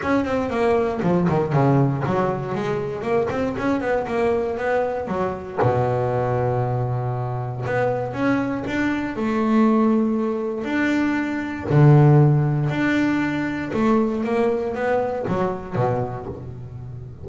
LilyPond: \new Staff \with { instrumentName = "double bass" } { \time 4/4 \tempo 4 = 118 cis'8 c'8 ais4 f8 dis8 cis4 | fis4 gis4 ais8 c'8 cis'8 b8 | ais4 b4 fis4 b,4~ | b,2. b4 |
cis'4 d'4 a2~ | a4 d'2 d4~ | d4 d'2 a4 | ais4 b4 fis4 b,4 | }